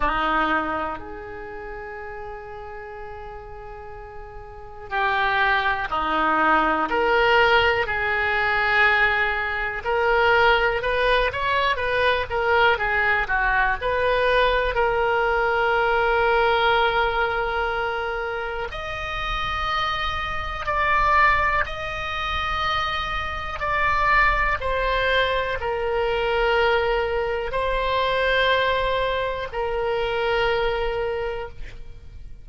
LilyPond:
\new Staff \with { instrumentName = "oboe" } { \time 4/4 \tempo 4 = 61 dis'4 gis'2.~ | gis'4 g'4 dis'4 ais'4 | gis'2 ais'4 b'8 cis''8 | b'8 ais'8 gis'8 fis'8 b'4 ais'4~ |
ais'2. dis''4~ | dis''4 d''4 dis''2 | d''4 c''4 ais'2 | c''2 ais'2 | }